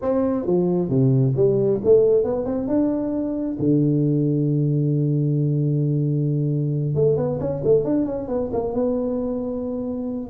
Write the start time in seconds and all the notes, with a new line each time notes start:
0.01 C4
0.46 F3
0.89 C3
1.36 G3
1.84 A3
2.23 B3
2.45 C4
2.67 D4
3.59 D3
6.94 A3
7.16 B3
7.40 C#4
7.64 A3
7.84 D4
8.05 C#4
8.28 B3
8.52 A#3
8.73 B3